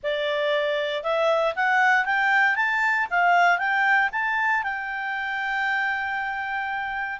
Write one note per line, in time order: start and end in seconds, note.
0.03 1.03 D5
1.03 1.54 E5
1.55 2.05 F#5
2.05 2.55 G5
2.55 3.07 A5
3.10 3.58 F5
3.58 4.09 G5
4.12 4.63 A5
4.63 7.19 G5